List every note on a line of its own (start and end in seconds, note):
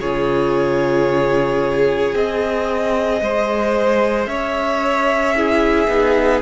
0.00 2.13 C#3
0.00 2.15 F4
0.00 3.22 G#4
0.00 2.14 C#5
2.13 3.21 C4
2.13 5.36 G#4
2.13 4.26 D#5
3.21 4.26 G#3
3.21 4.29 C5
4.26 5.87 C#4
4.26 5.36 C#5
4.26 6.40 E5
5.36 5.87 E4
5.36 6.42 G#4
5.87 6.41 B3
5.87 6.41 D#4